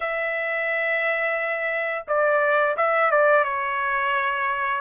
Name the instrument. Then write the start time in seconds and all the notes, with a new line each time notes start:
trumpet
0.00 E5
2.07 D5
2.76 E5
3.11 D5
3.44 C#5